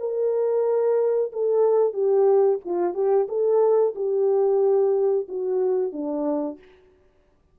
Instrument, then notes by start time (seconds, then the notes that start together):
horn
0.00 A#4
1.33 A4
1.94 G4
2.65 F4
2.95 G4
3.29 A4
3.96 G4
5.29 F#4
5.93 D4